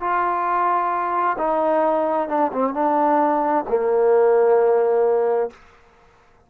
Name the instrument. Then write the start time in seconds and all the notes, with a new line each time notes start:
trombone
0.00 F4
1.38 D#4
2.29 D4
2.52 C4
2.74 D4
3.69 A#3